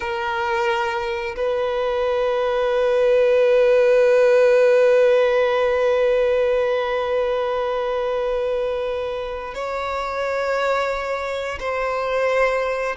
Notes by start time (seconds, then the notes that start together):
0.00 A#4
1.36 B4
9.54 C#5
11.59 C5